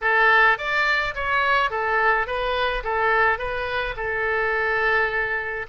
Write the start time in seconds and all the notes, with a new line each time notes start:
0.01 A4
0.58 D5
1.14 C#5
1.70 A4
2.26 B4
2.83 A4
3.38 B4
3.96 A4